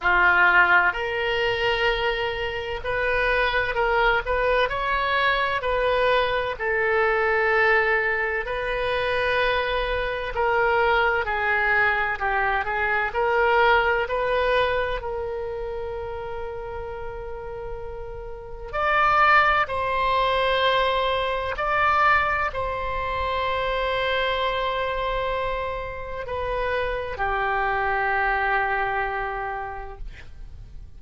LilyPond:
\new Staff \with { instrumentName = "oboe" } { \time 4/4 \tempo 4 = 64 f'4 ais'2 b'4 | ais'8 b'8 cis''4 b'4 a'4~ | a'4 b'2 ais'4 | gis'4 g'8 gis'8 ais'4 b'4 |
ais'1 | d''4 c''2 d''4 | c''1 | b'4 g'2. | }